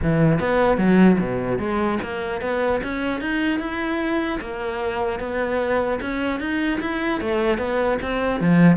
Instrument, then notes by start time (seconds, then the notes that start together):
cello
0.02 E3
0.39 B3
0.77 F#3
1.19 B2
1.59 G#3
2.02 A#3
2.41 B3
2.83 C#4
3.21 D#4
3.59 E4
4.41 A#3
5.19 B3
6.01 C#4
6.39 D#4
6.81 E4
7.20 A3
7.58 B3
8.02 C4
8.40 F3